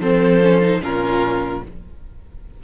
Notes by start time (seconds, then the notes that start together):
0.00 F3 C4 A4 C5
0.43 C#4
0.62 D#4
0.82 A#2 C#4 F4 A#4